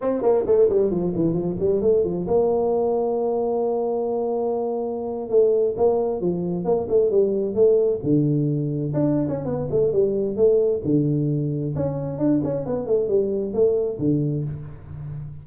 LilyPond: \new Staff \with { instrumentName = "tuba" } { \time 4/4 \tempo 4 = 133 c'8 ais8 a8 g8 f8 e8 f8 g8 | a8 f8 ais2.~ | ais2.~ ais8. a16~ | a8. ais4 f4 ais8 a8 g16~ |
g8. a4 d2 d'16~ | d'8 cis'8 b8 a8 g4 a4 | d2 cis'4 d'8 cis'8 | b8 a8 g4 a4 d4 | }